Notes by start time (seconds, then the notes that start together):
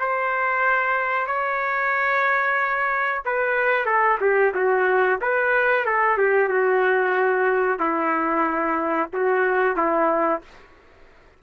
0.00 C5
1.27 C#5
3.26 B4
3.86 A4
4.21 G4
4.55 F#4
5.22 B4
5.86 A4
6.18 G4
6.49 F#4
7.79 E4
9.14 F#4
9.77 E4